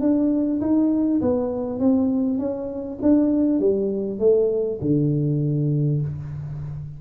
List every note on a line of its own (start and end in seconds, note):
0.00 0.60 D4
0.60 1.20 D#4
1.21 1.79 B3
1.79 2.38 C4
2.38 2.98 C#4
3.01 3.59 D4
3.59 4.19 G3
4.19 4.79 A3
4.81 6.01 D3